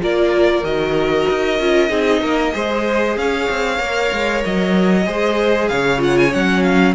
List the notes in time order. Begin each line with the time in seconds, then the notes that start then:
0.00 A#3 F4 A#4 D5
0.62 D#3 F#4 D#5
1.29 D#4
1.59 C#4 F4
1.89 C4 D#4 G#4
2.21 A#3 A#4
2.52 G#3 G#4 C5
3.16 C#4 C#5 F5
3.50 C4
3.78 A#3 A#4
4.12 G#3
4.44 F#3 D#5
5.05 G#3 G#4 C5
5.68 C#3 C#5 F5
5.98 F4 F#5
6.17 G#5
6.31 F#3 C#4 F#5
6.63 F5